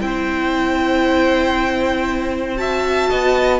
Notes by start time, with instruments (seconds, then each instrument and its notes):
0.00 cello C4, viola E4, violin C5 G5
2.57 viola F#4, violin E5 A5
3.09 cello B3, violin D#5